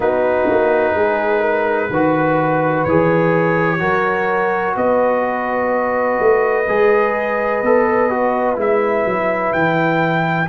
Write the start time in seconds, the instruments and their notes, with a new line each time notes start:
0.00 tuba B3, trombone D#4, horn F#4, trumpet B4
0.49 tuba A#3
0.94 tuba G#3, horn G#4
1.40 horn A#4
1.89 tuba D#3, trombone F#4, horn B4
2.84 tuba E3, trombone G#4, trumpet C#5
3.79 tuba F#3, trombone F#4, horn A#4
4.76 tuba B3, horn B4, trumpet D#5
6.19 tuba A3
6.67 tuba G#3, trombone G#4
7.62 tuba B3, trombone A4
8.10 trombone F#4
8.55 tuba G#3, trombone E4, trumpet E5
9.05 tuba F#3
9.53 tuba E3, trumpet G5